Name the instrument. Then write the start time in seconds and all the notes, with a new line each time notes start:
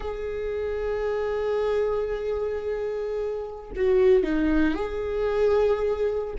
viola
0.00 G#4
3.76 F#4
4.23 D#4
4.74 G#4